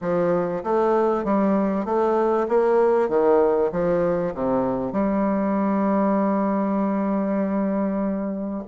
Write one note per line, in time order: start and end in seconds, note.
0.01 0.63 F3
0.63 1.24 A3
1.24 1.85 G3
1.85 2.47 A3
2.48 3.08 A#3
3.08 3.70 D#3
3.72 4.34 F3
4.34 4.92 C3
4.92 8.63 G3